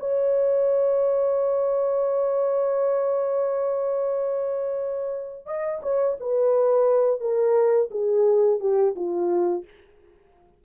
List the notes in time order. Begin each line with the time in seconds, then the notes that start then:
0.00 C#5
5.46 D#5
5.82 C#5
6.20 B4
7.21 A#4
7.91 G#4
8.61 G4
8.96 F4